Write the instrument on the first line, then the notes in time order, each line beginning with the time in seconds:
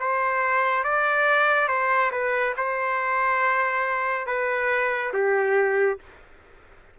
trumpet
0.00 C5
0.84 D5
1.68 C5
2.12 B4
2.58 C5
4.27 B4
5.14 G4